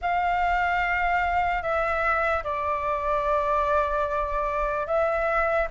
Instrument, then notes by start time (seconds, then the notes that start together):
flute
0.01 F5
1.62 E5
2.43 D5
4.86 E5